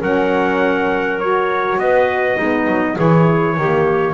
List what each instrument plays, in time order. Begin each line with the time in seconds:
0.00 double bass F#3, saxophone C#4, clarinet A#4, trumpet F#5
1.19 saxophone F#4, trumpet C#5
1.78 double bass B3, clarinet B4, trumpet D#5
2.36 double bass G#3, saxophone B3, clarinet D#4
2.67 double bass F#3
2.94 double bass E3, saxophone E4, clarinet G#4, trumpet C#5
3.57 double bass D#3, saxophone A#3, clarinet G4